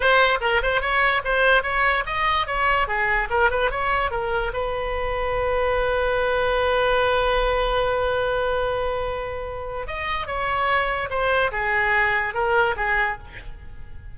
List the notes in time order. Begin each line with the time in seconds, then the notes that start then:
0.00 C5
0.41 A#4
0.62 C5
0.81 C#5
1.24 C5
1.62 C#5
2.06 D#5
2.47 C#5
2.87 G#4
3.30 A#4
3.50 B4
3.70 C#5
4.10 A#4
4.53 B4
9.87 D#5
10.26 C#5
11.10 C5
11.51 G#4
12.34 A#4
12.76 G#4